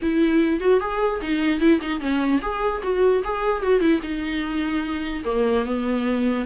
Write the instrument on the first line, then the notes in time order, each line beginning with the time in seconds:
viola
0.01 E4
0.60 F#4
0.80 G#4
1.21 D#4
1.60 E4
1.81 D#4
2.00 C#4
2.41 G#4
2.82 F#4
3.23 G#4
3.62 F#4
3.80 E4
4.02 D#4
5.24 A#3
5.65 B3